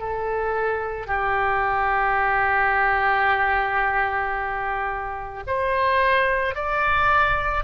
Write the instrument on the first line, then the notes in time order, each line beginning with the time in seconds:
oboe
0.00 A4
1.07 G4
5.47 C5
6.55 D5